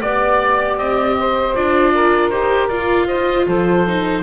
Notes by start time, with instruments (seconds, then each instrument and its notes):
0.00 double bass B3, viola G4, oboe D5, saxophone D5
0.77 double bass C4, oboe D#5
1.18 saxophone C5
1.54 double bass D4, viola F4, oboe D5
1.93 saxophone A#4
2.30 double bass D#4, viola G4, oboe C5
2.68 double bass F4, viola F4, oboe D5
3.07 saxophone C5, oboe D#5
3.45 double bass F3, saxophone A4, oboe C5
3.87 viola D#4